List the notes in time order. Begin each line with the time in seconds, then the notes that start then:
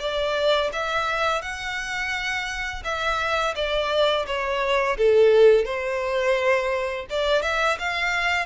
0.00 D5
0.73 E5
1.42 F#5
2.84 E5
3.56 D5
4.27 C#5
4.98 A4
5.65 C5
7.10 D5
7.42 E5
7.79 F5